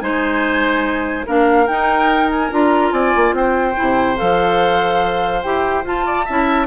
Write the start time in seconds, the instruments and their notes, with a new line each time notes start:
0.00 bassoon G#3, clarinet D#4, oboe C5, flute G#5
1.26 bassoon A#3, clarinet D4, oboe A#4, flute F5
1.67 bassoon D#4, clarinet D#4, flute G5
2.31 flute G#5
2.50 bassoon D4, clarinet F4, flute A#5
2.92 bassoon C4, oboe D5, flute G#5
3.16 bassoon A#3
3.32 bassoon C4, oboe C5, flute G5
3.75 bassoon C3, clarinet E4
4.16 bassoon F3, clarinet A4, flute F5
5.42 bassoon E4, clarinet G4, flute G5
5.84 bassoon F4, clarinet F4, flute A5
6.05 oboe D5
6.25 bassoon C#4, clarinet E4, oboe E5